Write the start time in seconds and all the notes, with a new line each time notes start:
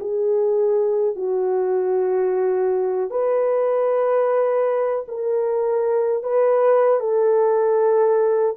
0.00 G#4
1.15 F#4
3.10 B4
5.08 A#4
6.23 B4
7.00 A4